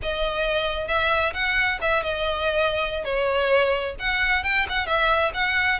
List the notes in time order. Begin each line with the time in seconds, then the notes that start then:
0.02 D#5
0.87 E5
1.33 F#5
1.81 E5
2.03 D#5
3.04 C#5
3.99 F#5
4.43 G5
4.69 F#5
4.86 E5
5.34 F#5